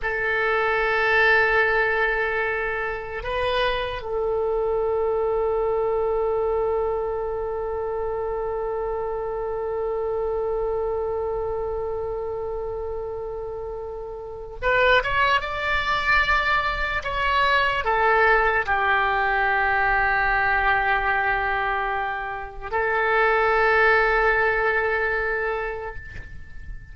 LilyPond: \new Staff \with { instrumentName = "oboe" } { \time 4/4 \tempo 4 = 74 a'1 | b'4 a'2.~ | a'1~ | a'1~ |
a'2 b'8 cis''8 d''4~ | d''4 cis''4 a'4 g'4~ | g'1 | a'1 | }